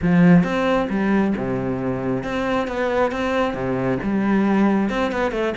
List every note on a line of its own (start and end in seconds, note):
0.02 0.43 F3
0.43 0.88 C4
0.89 1.34 G3
1.36 2.23 C3
2.23 2.67 C4
2.67 3.11 B3
3.11 3.54 C4
3.54 3.98 C3
4.02 4.89 G3
4.89 5.11 C4
5.11 5.31 B3
5.31 5.53 A3